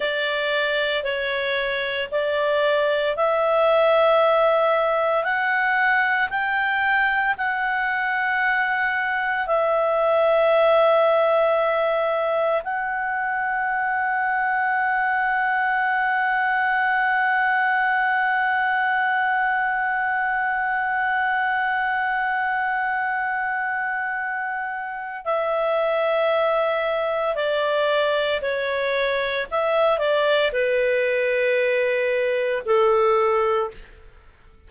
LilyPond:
\new Staff \with { instrumentName = "clarinet" } { \time 4/4 \tempo 4 = 57 d''4 cis''4 d''4 e''4~ | e''4 fis''4 g''4 fis''4~ | fis''4 e''2. | fis''1~ |
fis''1~ | fis''1 | e''2 d''4 cis''4 | e''8 d''8 b'2 a'4 | }